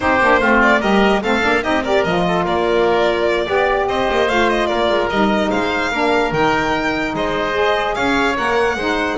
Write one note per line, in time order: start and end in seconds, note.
0.00 0.20 C4
0.00 0.20 D#4
0.00 0.40 G4
0.00 0.60 C5
0.20 0.40 A#3
0.20 0.41 D4
0.40 0.81 A3
0.40 0.81 C4
0.40 0.80 F4
0.61 0.81 D5
0.80 1.22 G3
0.80 1.22 G4
0.80 1.21 A#4
0.80 1.22 D#5
1.22 1.43 A3
1.22 1.41 C4
1.22 1.63 A4
1.22 1.63 F5
1.41 1.64 A#3
1.41 1.62 D4
1.62 2.05 C4
1.62 1.82 D#4
1.62 1.83 G4
1.62 1.83 D#5
1.83 2.05 G4
1.83 2.24 A#4
1.83 2.03 D5
2.03 2.45 F3
2.03 3.45 F4
2.03 2.44 D#5
2.27 2.44 A4
2.44 3.47 A#3
2.44 3.45 A#4
2.44 3.88 D5
3.45 3.87 B3
3.45 4.27 G4
3.45 3.85 D5
3.87 4.08 C4
3.87 4.68 C5
3.87 4.28 D#5
4.10 4.29 A#3
4.28 4.70 A3
4.28 5.10 F4
4.28 4.49 F5
4.49 4.66 D#5
4.66 4.89 A#3
4.66 5.50 A#4
4.66 5.07 D5
4.89 5.09 G#3
5.10 5.50 G3
5.10 5.92 D#4
5.10 5.51 D#5
5.50 5.92 G#3
5.50 5.91 C5
5.50 6.32 F5
5.91 6.31 A#3
5.91 6.33 D4
5.91 7.13 A#4
6.31 7.13 D#3
6.31 7.53 D#4
6.31 7.14 G5
7.13 7.95 G#3
7.13 7.95 C5
7.13 7.94 D#5
7.53 8.34 G#4
7.94 8.37 C#4
7.94 8.77 C#5
7.94 8.35 F5
8.36 8.75 A#3
8.36 8.77 A#4
8.36 9.18 F#5
8.75 9.16 G#3
8.75 9.18 D#4
8.75 9.18 C5